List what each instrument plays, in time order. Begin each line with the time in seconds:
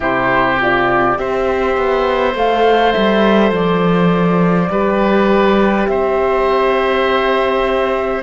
0.00 cello C3, horn E4, oboe G4, flute C5
0.61 horn F4, flute D5
1.16 cello C4, horn G4, oboe C5, flute E5
1.77 cello B3
2.34 cello A3, horn A4, flute F5
2.92 cello G3, flute E5
3.51 cello F3, flute D5
4.69 cello G3, horn G4, oboe B4
5.87 cello C4, oboe C5, flute E5